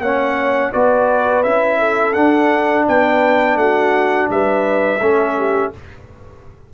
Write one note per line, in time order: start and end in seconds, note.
0.00 0.71 A#3
0.00 0.73 C#4
0.00 0.73 C#5
0.00 0.73 F#5
0.73 1.45 B3
0.73 1.45 F#4
0.73 1.79 B4
0.73 1.43 D5
1.43 2.16 C#4
1.43 2.14 E4
1.43 2.14 E5
1.79 2.86 A4
2.14 5.00 D4
2.14 2.88 D4
2.14 2.85 F#5
2.88 3.56 B3
2.88 3.60 B4
2.88 3.58 G5
3.56 4.27 A3
3.56 4.31 F#4
3.56 4.29 F#5
4.30 5.00 G3
4.30 5.02 B4
4.30 5.74 E5
5.00 5.71 A3
5.00 5.73 C#4
5.00 5.38 A4
5.38 5.73 G4